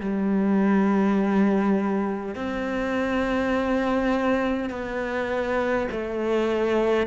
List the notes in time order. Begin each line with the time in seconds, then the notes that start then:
0.00 G3
2.35 C4
4.70 B3
5.91 A3